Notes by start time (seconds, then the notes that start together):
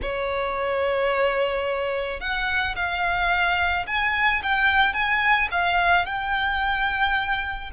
0.02 C#5
2.20 F#5
2.75 F5
3.87 G#5
4.42 G5
4.93 G#5
5.51 F5
6.06 G5